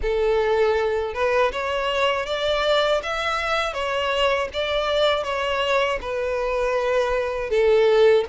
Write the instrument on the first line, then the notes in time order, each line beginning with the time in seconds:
violin
0.01 A4
1.14 B4
1.52 C#5
2.26 D5
3.02 E5
3.73 C#5
4.53 D5
5.23 C#5
6.01 B4
7.50 A4